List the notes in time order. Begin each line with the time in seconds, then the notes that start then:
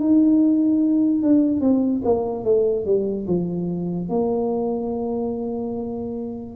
0.00 D#4
1.23 D4
1.61 C4
2.05 A#3
2.45 A3
2.86 G3
3.28 F3
4.09 A#3